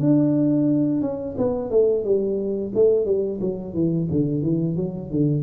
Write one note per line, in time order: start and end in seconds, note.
0.00 1.01 D4
1.01 1.35 C#4
1.37 1.70 B3
1.70 2.04 A3
2.04 2.72 G3
2.75 3.05 A3
3.05 3.39 G3
3.41 3.74 F#3
3.74 4.08 E3
4.11 4.42 D3
4.42 4.76 E3
4.76 5.10 F#3
5.10 5.43 D3